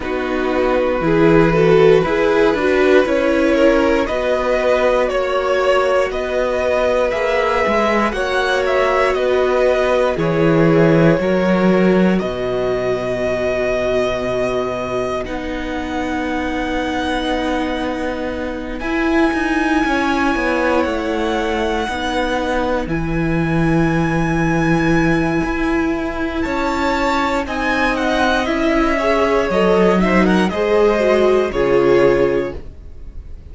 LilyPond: <<
  \new Staff \with { instrumentName = "violin" } { \time 4/4 \tempo 4 = 59 b'2. cis''4 | dis''4 cis''4 dis''4 e''4 | fis''8 e''8 dis''4 cis''2 | dis''2. fis''4~ |
fis''2~ fis''8 gis''4.~ | gis''8 fis''2 gis''4.~ | gis''2 a''4 gis''8 fis''8 | e''4 dis''8 e''16 fis''16 dis''4 cis''4 | }
  \new Staff \with { instrumentName = "violin" } { \time 4/4 fis'4 gis'8 a'8 b'4. ais'8 | b'4 cis''4 b'2 | cis''4 b'4 gis'4 ais'4 | b'1~ |
b'2.~ b'8 cis''8~ | cis''4. b'2~ b'8~ | b'2 cis''4 dis''4~ | dis''8 cis''4 c''16 ais'16 c''4 gis'4 | }
  \new Staff \with { instrumentName = "viola" } { \time 4/4 dis'4 e'8 fis'8 gis'8 fis'8 e'4 | fis'2. gis'4 | fis'2 e'4 fis'4~ | fis'2. dis'4~ |
dis'2~ dis'8 e'4.~ | e'4. dis'4 e'4.~ | e'2. dis'4 | e'8 gis'8 a'8 dis'8 gis'8 fis'8 f'4 | }
  \new Staff \with { instrumentName = "cello" } { \time 4/4 b4 e4 e'8 d'8 cis'4 | b4 ais4 b4 ais8 gis8 | ais4 b4 e4 fis4 | b,2. b4~ |
b2~ b8 e'8 dis'8 cis'8 | b8 a4 b4 e4.~ | e4 e'4 cis'4 c'4 | cis'4 fis4 gis4 cis4 | }
>>